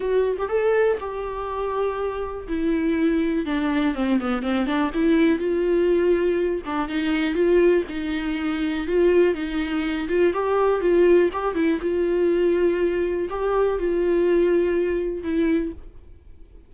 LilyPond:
\new Staff \with { instrumentName = "viola" } { \time 4/4 \tempo 4 = 122 fis'8. g'16 a'4 g'2~ | g'4 e'2 d'4 | c'8 b8 c'8 d'8 e'4 f'4~ | f'4. d'8 dis'4 f'4 |
dis'2 f'4 dis'4~ | dis'8 f'8 g'4 f'4 g'8 e'8 | f'2. g'4 | f'2. e'4 | }